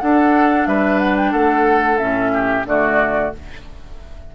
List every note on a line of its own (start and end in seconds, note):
0.00 0.67 D4
0.00 1.99 D4
0.00 0.68 A4
0.00 0.67 F#5
0.67 1.33 G3
0.67 1.32 B4
0.67 0.99 E5
0.99 1.16 F#5
1.17 1.32 G5
1.32 2.00 A3
1.32 2.32 A4
1.32 1.98 F#5
1.98 2.66 A2
1.98 2.66 C#4
1.98 2.65 E5
2.33 2.67 G4
2.66 3.32 D3
2.66 3.34 A3
2.66 3.35 F#4
2.66 3.35 D5